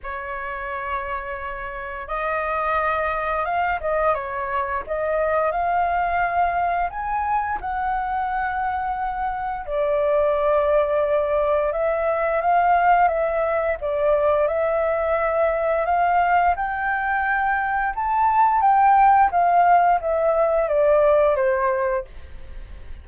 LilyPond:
\new Staff \with { instrumentName = "flute" } { \time 4/4 \tempo 4 = 87 cis''2. dis''4~ | dis''4 f''8 dis''8 cis''4 dis''4 | f''2 gis''4 fis''4~ | fis''2 d''2~ |
d''4 e''4 f''4 e''4 | d''4 e''2 f''4 | g''2 a''4 g''4 | f''4 e''4 d''4 c''4 | }